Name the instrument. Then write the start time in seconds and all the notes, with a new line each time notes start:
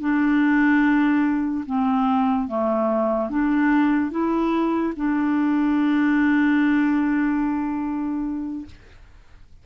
clarinet
0.00 D4
1.66 C4
2.47 A3
3.30 D4
4.11 E4
4.96 D4